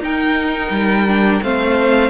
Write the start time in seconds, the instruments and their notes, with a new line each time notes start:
0.00 cello D#4, viola D#4, violin A#4 G5
0.70 cello G3
1.07 viola D4
1.42 cello A3, viola C4, violin C5 F5